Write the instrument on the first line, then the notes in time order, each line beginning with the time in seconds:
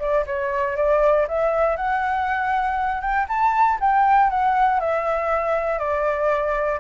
flute
0.00 D5
0.27 C#5
0.77 D5
1.28 E5
1.77 F#5
3.02 G5
3.29 A5
3.81 G5
4.30 F#5
4.80 E5
5.79 D5